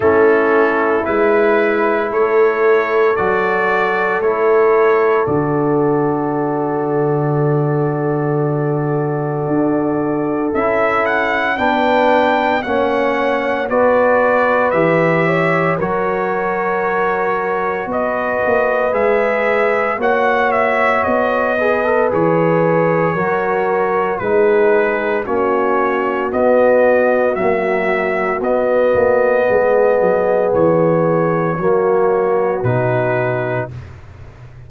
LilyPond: <<
  \new Staff \with { instrumentName = "trumpet" } { \time 4/4 \tempo 4 = 57 a'4 b'4 cis''4 d''4 | cis''4 d''2.~ | d''2 e''8 fis''8 g''4 | fis''4 d''4 e''4 cis''4~ |
cis''4 dis''4 e''4 fis''8 e''8 | dis''4 cis''2 b'4 | cis''4 dis''4 e''4 dis''4~ | dis''4 cis''2 b'4 | }
  \new Staff \with { instrumentName = "horn" } { \time 4/4 e'2 a'2~ | a'1~ | a'2. b'4 | cis''4 b'4. cis''8 ais'4~ |
ais'4 b'2 cis''4~ | cis''8 b'4. ais'4 gis'4 | fis'1 | gis'2 fis'2 | }
  \new Staff \with { instrumentName = "trombone" } { \time 4/4 cis'4 e'2 fis'4 | e'4 fis'2.~ | fis'2 e'4 d'4 | cis'4 fis'4 g'4 fis'4~ |
fis'2 gis'4 fis'4~ | fis'8 gis'16 a'16 gis'4 fis'4 dis'4 | cis'4 b4 fis4 b4~ | b2 ais4 dis'4 | }
  \new Staff \with { instrumentName = "tuba" } { \time 4/4 a4 gis4 a4 fis4 | a4 d2.~ | d4 d'4 cis'4 b4 | ais4 b4 e4 fis4~ |
fis4 b8 ais8 gis4 ais4 | b4 e4 fis4 gis4 | ais4 b4 ais4 b8 ais8 | gis8 fis8 e4 fis4 b,4 | }
>>